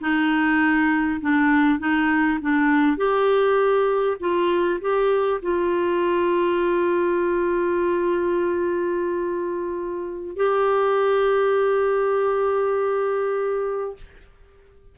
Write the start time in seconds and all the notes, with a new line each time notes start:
0.00 D#4
1.20 D4
1.79 D#4
2.41 D4
2.97 G4
4.20 F4
4.81 G4
5.42 F4
10.36 G4